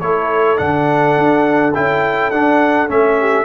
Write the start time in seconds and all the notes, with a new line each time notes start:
0.00 A3 E4 A4 C#5
0.57 D3 D4 F#5
1.17 D4
1.74 C#4 E4 G5
2.31 D4 F#5
2.88 A3 C#4 E5
3.19 G4